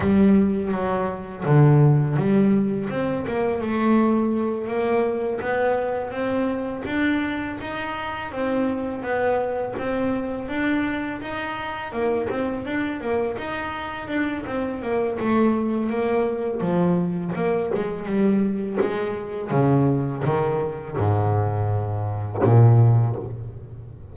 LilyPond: \new Staff \with { instrumentName = "double bass" } { \time 4/4 \tempo 4 = 83 g4 fis4 d4 g4 | c'8 ais8 a4. ais4 b8~ | b8 c'4 d'4 dis'4 c'8~ | c'8 b4 c'4 d'4 dis'8~ |
dis'8 ais8 c'8 d'8 ais8 dis'4 d'8 | c'8 ais8 a4 ais4 f4 | ais8 gis8 g4 gis4 cis4 | dis4 gis,2 ais,4 | }